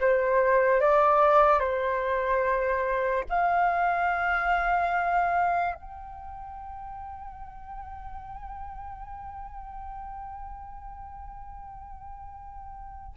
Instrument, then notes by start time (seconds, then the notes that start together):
flute
0.00 C5
0.81 D5
1.60 C5
3.29 F5
5.74 G5